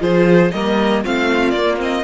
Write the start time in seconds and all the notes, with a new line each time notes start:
0.00 F3 F4 G#4 C5
0.51 G3 A#3 A#4 D#5
1.03 A3 C4 F4 F5
1.51 A#3 D5
1.57 A#3
1.78 C4 D#5